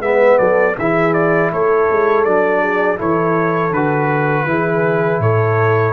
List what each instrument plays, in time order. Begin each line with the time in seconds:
0.00 tuba G#3, trombone B3, horn B4, trumpet E5
0.39 tuba F#3, horn A4, trumpet D5
0.78 tuba E3, trombone E4, horn G#4, trumpet E5
1.14 trumpet D5
1.52 tuba A3, horn A4, trumpet C#5
1.90 tuba G#3
2.24 tuba F#3, trombone D4, trumpet D5
2.62 horn G#4
2.98 tuba E3, trombone E4, horn A4, trumpet C#5
3.71 tuba D3, trombone F#4, trumpet B4
4.46 tuba E3, trombone E4, horn G#4
5.19 tuba A2, horn A4, trumpet C#5